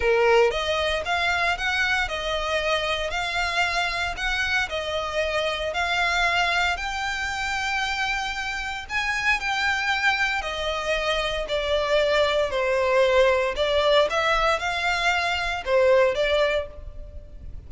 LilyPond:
\new Staff \with { instrumentName = "violin" } { \time 4/4 \tempo 4 = 115 ais'4 dis''4 f''4 fis''4 | dis''2 f''2 | fis''4 dis''2 f''4~ | f''4 g''2.~ |
g''4 gis''4 g''2 | dis''2 d''2 | c''2 d''4 e''4 | f''2 c''4 d''4 | }